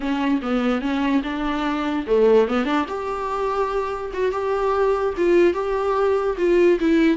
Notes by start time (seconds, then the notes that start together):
0.00 C#4
0.42 B3
0.81 C#4
1.23 D4
2.07 A3
2.48 B3
2.65 D4
2.88 G4
4.13 F#4
4.31 G4
5.17 F4
5.53 G4
6.37 F4
6.79 E4